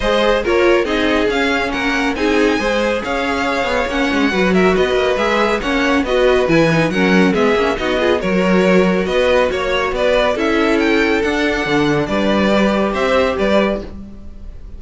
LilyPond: <<
  \new Staff \with { instrumentName = "violin" } { \time 4/4 \tempo 4 = 139 dis''4 cis''4 dis''4 f''4 | fis''4 gis''2 f''4~ | f''4 fis''4. e''8 dis''4 | e''4 fis''4 dis''4 gis''4 |
fis''4 e''4 dis''4 cis''4~ | cis''4 dis''4 cis''4 d''4 | e''4 g''4 fis''2 | d''2 e''4 d''4 | }
  \new Staff \with { instrumentName = "violin" } { \time 4/4 c''4 ais'4 gis'2 | ais'4 gis'4 c''4 cis''4~ | cis''2 b'8 ais'8 b'4~ | b'4 cis''4 b'2 |
ais'4 gis'4 fis'8 gis'8 ais'4~ | ais'4 b'4 cis''4 b'4 | a'1 | b'2 c''4 b'4 | }
  \new Staff \with { instrumentName = "viola" } { \time 4/4 gis'4 f'4 dis'4 cis'4~ | cis'4 dis'4 gis'2~ | gis'4 cis'4 fis'2 | gis'4 cis'4 fis'4 e'8 dis'8 |
cis'4 b8 cis'8 dis'8 f'8 fis'4~ | fis'1 | e'2 d'2~ | d'4 g'2. | }
  \new Staff \with { instrumentName = "cello" } { \time 4/4 gis4 ais4 c'4 cis'4 | ais4 c'4 gis4 cis'4~ | cis'8 b8 ais8 gis8 fis4 b8 ais8 | gis4 ais4 b4 e4 |
fis4 gis8 ais8 b4 fis4~ | fis4 b4 ais4 b4 | cis'2 d'4 d4 | g2 c'4 g4 | }
>>